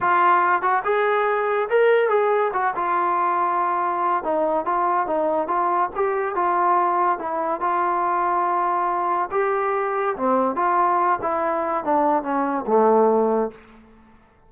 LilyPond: \new Staff \with { instrumentName = "trombone" } { \time 4/4 \tempo 4 = 142 f'4. fis'8 gis'2 | ais'4 gis'4 fis'8 f'4.~ | f'2 dis'4 f'4 | dis'4 f'4 g'4 f'4~ |
f'4 e'4 f'2~ | f'2 g'2 | c'4 f'4. e'4. | d'4 cis'4 a2 | }